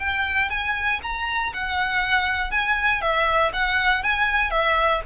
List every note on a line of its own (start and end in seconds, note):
0.00 0.50 G5
0.50 1.01 G#5
1.03 1.53 A#5
1.54 2.52 F#5
2.52 3.02 G#5
3.02 3.52 E5
3.54 4.04 F#5
4.04 4.51 G#5
4.51 5.01 E5